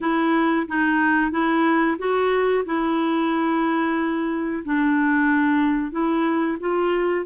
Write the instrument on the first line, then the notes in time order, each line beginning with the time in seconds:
clarinet
0.00 E4
0.67 D#4
1.31 E4
1.98 F#4
2.65 E4
4.65 D4
5.91 E4
6.60 F4